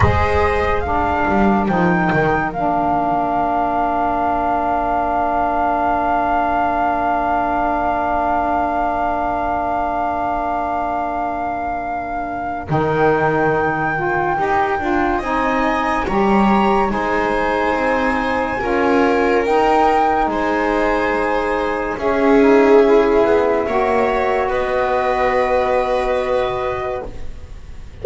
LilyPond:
<<
  \new Staff \with { instrumentName = "flute" } { \time 4/4 \tempo 4 = 71 dis''4 f''4 g''4 f''4~ | f''1~ | f''1~ | f''2. g''4~ |
g''2 gis''4 ais''4 | gis''2. g''4 | gis''2 e''2~ | e''4 dis''2. | }
  \new Staff \with { instrumentName = "viola" } { \time 4/4 c''4 ais'2.~ | ais'1~ | ais'1~ | ais'1~ |
ais'2 dis''4 cis''4 | c''2 ais'2 | c''2 gis'2 | cis''4 b'2. | }
  \new Staff \with { instrumentName = "saxophone" } { \time 4/4 gis'4 d'4 dis'4 d'4~ | d'1~ | d'1~ | d'2. dis'4~ |
dis'8 f'8 g'8 f'8 dis'4 g'4 | dis'2 f'4 dis'4~ | dis'2 cis'8 dis'8 e'4 | fis'1 | }
  \new Staff \with { instrumentName = "double bass" } { \time 4/4 gis4. g8 f8 dis8 ais4~ | ais1~ | ais1~ | ais2. dis4~ |
dis4 dis'8 d'8 c'4 g4 | gis4 c'4 cis'4 dis'4 | gis2 cis'4. b8 | ais4 b2. | }
>>